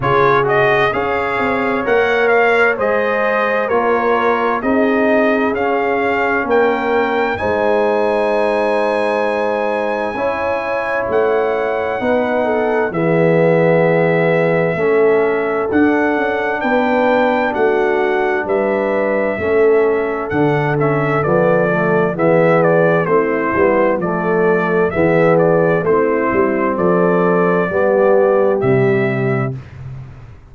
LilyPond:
<<
  \new Staff \with { instrumentName = "trumpet" } { \time 4/4 \tempo 4 = 65 cis''8 dis''8 f''4 fis''8 f''8 dis''4 | cis''4 dis''4 f''4 g''4 | gis''1 | fis''2 e''2~ |
e''4 fis''4 g''4 fis''4 | e''2 fis''8 e''8 d''4 | e''8 d''8 c''4 d''4 e''8 d''8 | c''4 d''2 e''4 | }
  \new Staff \with { instrumentName = "horn" } { \time 4/4 gis'4 cis''2 c''4 | ais'4 gis'2 ais'4 | c''2. cis''4~ | cis''4 b'8 a'8 gis'2 |
a'2 b'4 fis'4 | b'4 a'2. | gis'4 e'4 a'4 gis'4 | e'4 a'4 g'2 | }
  \new Staff \with { instrumentName = "trombone" } { \time 4/4 f'8 fis'8 gis'4 ais'4 gis'4 | f'4 dis'4 cis'2 | dis'2. e'4~ | e'4 dis'4 b2 |
cis'4 d'2.~ | d'4 cis'4 d'8 cis'8 b8 a8 | b4 c'8 b8 a4 b4 | c'2 b4 g4 | }
  \new Staff \with { instrumentName = "tuba" } { \time 4/4 cis4 cis'8 c'8 ais4 gis4 | ais4 c'4 cis'4 ais4 | gis2. cis'4 | a4 b4 e2 |
a4 d'8 cis'8 b4 a4 | g4 a4 d4 f4 | e4 a8 g8 f4 e4 | a8 g8 f4 g4 c4 | }
>>